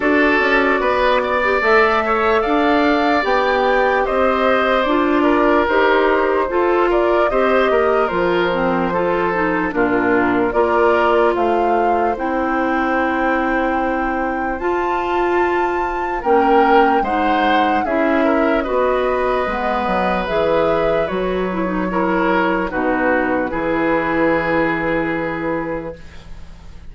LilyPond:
<<
  \new Staff \with { instrumentName = "flute" } { \time 4/4 \tempo 4 = 74 d''2 e''4 f''4 | g''4 dis''4 d''4 c''4~ | c''8 d''8 dis''4 c''2 | ais'4 d''4 f''4 g''4~ |
g''2 a''2 | g''4 fis''4 e''4 dis''4~ | dis''4 e''4 cis''2 | b'1 | }
  \new Staff \with { instrumentName = "oboe" } { \time 4/4 a'4 b'8 d''4 cis''8 d''4~ | d''4 c''4. ais'4. | a'8 ais'8 c''8 ais'4. a'4 | f'4 ais'4 c''2~ |
c''1 | ais'4 c''4 gis'8 ais'8 b'4~ | b'2. ais'4 | fis'4 gis'2. | }
  \new Staff \with { instrumentName = "clarinet" } { \time 4/4 fis'4.~ fis'16 g'16 a'2 | g'2 f'4 g'4 | f'4 g'4 f'8 c'8 f'8 dis'8 | d'4 f'2 e'4~ |
e'2 f'2 | cis'4 dis'4 e'4 fis'4 | b4 gis'4 fis'8 e'16 dis'16 e'4 | dis'4 e'2. | }
  \new Staff \with { instrumentName = "bassoon" } { \time 4/4 d'8 cis'8 b4 a4 d'4 | b4 c'4 d'4 dis'4 | f'4 c'8 ais8 f2 | ais,4 ais4 a4 c'4~ |
c'2 f'2 | ais4 gis4 cis'4 b4 | gis8 fis8 e4 fis2 | b,4 e2. | }
>>